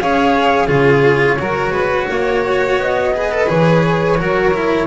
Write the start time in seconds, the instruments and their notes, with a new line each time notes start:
0.00 double bass C#4, cello G#4, violin C#5, flute F5
0.67 double bass C#3, cello F4, violin G#4, flute C#5
1.39 double bass F#3, cello F#4, violin A#4
1.71 double bass G#3, violin B4
2.09 double bass A#3, violin C#5
2.77 double bass B3, flute D#5
3.14 cello G#4, violin B4
3.31 cello A4
3.47 double bass E3, cello G#4, flute C#5
4.17 double bass F#3, cello F#4, violin A#4
4.53 cello E4